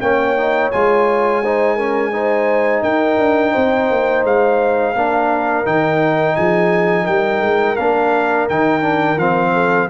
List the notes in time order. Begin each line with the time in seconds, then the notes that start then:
0.00 A#3 C#4 C#5 G5
0.36 D#4
0.71 G#3 F4 G#5
1.43 D#4 C5
1.75 C#4 A#4
2.12 D#4 C5
2.82 D#4 A#4 G5
3.18 D4
3.52 C4 C5
3.91 A#3
4.24 G#3 F5
4.93 A#3 D4 A#4
5.65 D#3 D#4 G5
6.36 F3 G#4 G#5
7.04 G3 A#4 G5
7.40 G#3
7.76 A#3 D4 F5
8.49 D#3 D#4 G5
8.81 D4
9.16 F3 C4 F5
9.53 A4